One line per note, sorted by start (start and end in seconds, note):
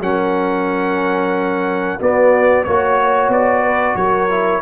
0.00 1.98 F#3
0.00 2.00 C#4
0.00 1.99 A#4
0.00 2.01 F#5
1.99 2.66 B3
1.99 2.67 B3
1.99 2.65 F#4
1.99 2.64 D5
2.64 3.29 A#3
2.64 4.30 F#4
2.64 3.30 C#5
2.64 3.62 C#5
3.29 3.95 B3
3.29 3.96 D5
3.62 3.95 B4
3.96 4.62 F#3
3.96 4.62 A#4
3.96 4.62 C#5
4.30 4.62 E4